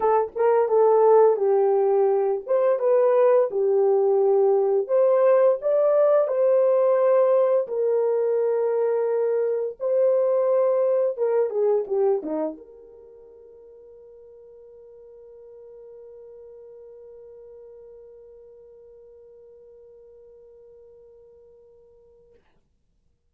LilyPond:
\new Staff \with { instrumentName = "horn" } { \time 4/4 \tempo 4 = 86 a'8 ais'8 a'4 g'4. c''8 | b'4 g'2 c''4 | d''4 c''2 ais'4~ | ais'2 c''2 |
ais'8 gis'8 g'8 dis'8 ais'2~ | ais'1~ | ais'1~ | ais'1 | }